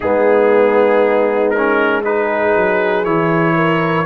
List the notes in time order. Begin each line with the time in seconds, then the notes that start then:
0.00 G#3 B3 D#4 G#4
1.50 A#4
1.56 C#4
2.04 D#4 G#4 B4
2.55 F#3
3.04 E3 E4 C#5
3.55 A#4